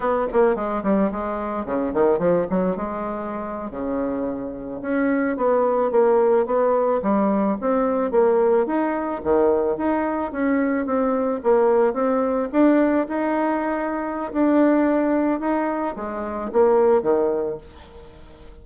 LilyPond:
\new Staff \with { instrumentName = "bassoon" } { \time 4/4 \tempo 4 = 109 b8 ais8 gis8 g8 gis4 cis8 dis8 | f8 fis8 gis4.~ gis16 cis4~ cis16~ | cis8. cis'4 b4 ais4 b16~ | b8. g4 c'4 ais4 dis'16~ |
dis'8. dis4 dis'4 cis'4 c'16~ | c'8. ais4 c'4 d'4 dis'16~ | dis'2 d'2 | dis'4 gis4 ais4 dis4 | }